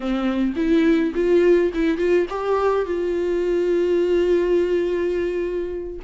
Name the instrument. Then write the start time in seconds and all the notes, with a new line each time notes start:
viola
0.00 C4
0.56 E4
1.15 F4
1.74 E4
1.97 F4
2.29 G4
2.85 F4